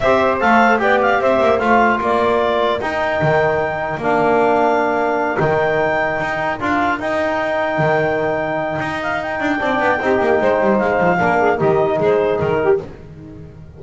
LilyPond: <<
  \new Staff \with { instrumentName = "clarinet" } { \time 4/4 \tempo 4 = 150 e''4 f''4 g''8 f''8 e''4 | f''4 d''2 g''4~ | g''2 f''2~ | f''4. g''2~ g''8~ |
g''8 f''4 g''2~ g''8~ | g''2~ g''8 f''8 g''4~ | g''2. f''4~ | f''4 dis''4 c''4 ais'4 | }
  \new Staff \with { instrumentName = "saxophone" } { \time 4/4 c''2 d''4 c''4~ | c''4 ais'2.~ | ais'1~ | ais'1~ |
ais'1~ | ais'1 | d''4 g'4 c''2 | ais'8 gis'8 g'4 gis'4. g'8 | }
  \new Staff \with { instrumentName = "trombone" } { \time 4/4 g'4 a'4 g'2 | f'2. dis'4~ | dis'2 d'2~ | d'4. dis'2~ dis'8~ |
dis'8 f'4 dis'2~ dis'8~ | dis'1 | d'4 dis'2. | d'4 dis'2. | }
  \new Staff \with { instrumentName = "double bass" } { \time 4/4 c'4 a4 b4 c'8 ais8 | a4 ais2 dis'4 | dis2 ais2~ | ais4. dis2 dis'8~ |
dis'8 d'4 dis'2 dis8~ | dis2 dis'4. d'8 | c'8 b8 c'8 ais8 gis8 g8 gis8 f8 | ais4 dis4 gis4 dis4 | }
>>